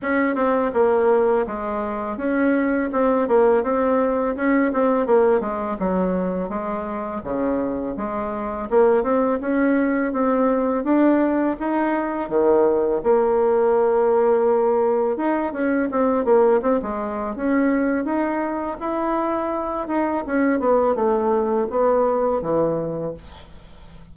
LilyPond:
\new Staff \with { instrumentName = "bassoon" } { \time 4/4 \tempo 4 = 83 cis'8 c'8 ais4 gis4 cis'4 | c'8 ais8 c'4 cis'8 c'8 ais8 gis8 | fis4 gis4 cis4 gis4 | ais8 c'8 cis'4 c'4 d'4 |
dis'4 dis4 ais2~ | ais4 dis'8 cis'8 c'8 ais8 c'16 gis8. | cis'4 dis'4 e'4. dis'8 | cis'8 b8 a4 b4 e4 | }